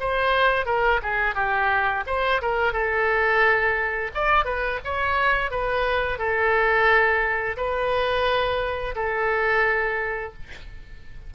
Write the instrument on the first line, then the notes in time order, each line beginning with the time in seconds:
oboe
0.00 C5
0.66 A#4
1.03 G#4
1.35 G4
2.07 C5
2.42 A#4
2.73 A4
4.14 D5
4.45 B4
4.84 C#5
5.51 B4
6.18 A4
7.57 B4
8.95 A4